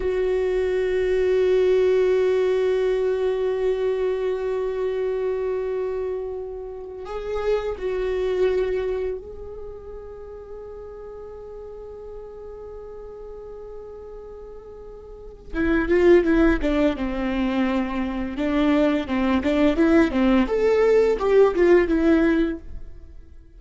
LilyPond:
\new Staff \with { instrumentName = "viola" } { \time 4/4 \tempo 4 = 85 fis'1~ | fis'1~ | fis'2 gis'4 fis'4~ | fis'4 gis'2.~ |
gis'1~ | gis'2 e'8 f'8 e'8 d'8 | c'2 d'4 c'8 d'8 | e'8 c'8 a'4 g'8 f'8 e'4 | }